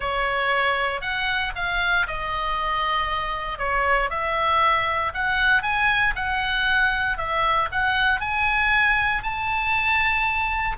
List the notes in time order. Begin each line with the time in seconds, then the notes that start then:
0.00 C#5
1.01 F#5
1.55 F5
2.07 D#5
3.58 C#5
4.10 E5
5.14 F#5
5.62 G#5
6.15 F#5
7.17 E5
7.71 F#5
8.20 G#5
9.22 A5